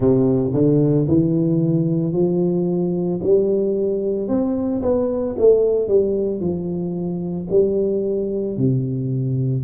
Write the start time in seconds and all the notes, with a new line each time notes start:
0.00 C3
0.53 D3
1.08 E3
2.12 F3
3.23 G3
4.28 C4
4.82 B3
5.38 A3
5.88 G3
6.40 F3
7.50 G3
8.57 C3